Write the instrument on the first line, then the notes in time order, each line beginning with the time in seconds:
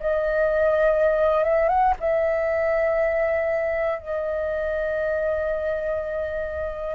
flute
0.00 D#5
1.44 E5
1.69 F#5
2.00 E5
3.99 D#5